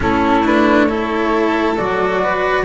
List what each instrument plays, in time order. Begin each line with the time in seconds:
0.00 double bass A3, cello C#4, violin E4, flute A4
0.44 cello D4, flute B4
0.84 cello E4, violin A4, flute C#5
1.77 double bass F#3, cello F#4, flute D5
2.22 violin B4